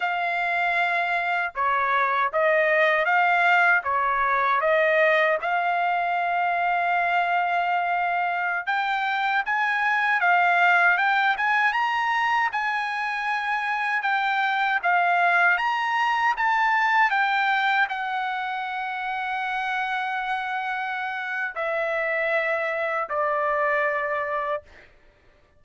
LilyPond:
\new Staff \with { instrumentName = "trumpet" } { \time 4/4 \tempo 4 = 78 f''2 cis''4 dis''4 | f''4 cis''4 dis''4 f''4~ | f''2.~ f''16 g''8.~ | g''16 gis''4 f''4 g''8 gis''8 ais''8.~ |
ais''16 gis''2 g''4 f''8.~ | f''16 ais''4 a''4 g''4 fis''8.~ | fis''1 | e''2 d''2 | }